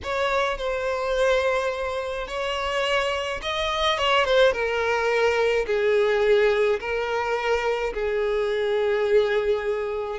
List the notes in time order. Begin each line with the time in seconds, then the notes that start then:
0.03 C#5
0.57 C5
2.27 C#5
3.42 D#5
3.98 C#5
4.24 C5
4.52 A#4
5.66 G#4
6.80 A#4
7.93 G#4